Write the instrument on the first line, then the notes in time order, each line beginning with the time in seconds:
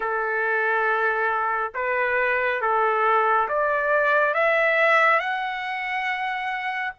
trumpet
0.00 A4
1.74 B4
2.61 A4
3.48 D5
4.34 E5
5.19 F#5